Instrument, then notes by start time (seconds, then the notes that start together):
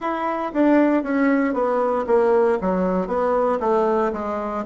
bassoon
0.00 E4
0.53 D4
1.03 C#4
1.53 B3
2.06 A#3
2.61 F#3
3.07 B3
3.60 A3
4.12 G#3